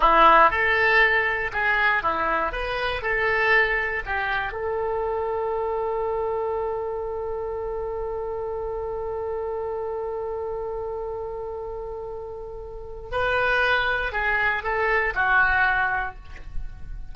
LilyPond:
\new Staff \with { instrumentName = "oboe" } { \time 4/4 \tempo 4 = 119 e'4 a'2 gis'4 | e'4 b'4 a'2 | g'4 a'2.~ | a'1~ |
a'1~ | a'1~ | a'2 b'2 | gis'4 a'4 fis'2 | }